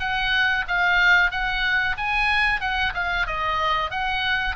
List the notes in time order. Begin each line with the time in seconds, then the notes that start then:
0.00 F#5
0.68 F5
1.31 F#5
1.98 G#5
2.61 F#5
2.94 F5
3.27 D#5
3.91 F#5